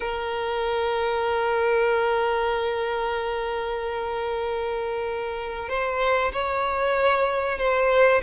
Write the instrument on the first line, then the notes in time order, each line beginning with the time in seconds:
violin
0.00 A#4
5.68 C5
6.32 C#5
7.58 C5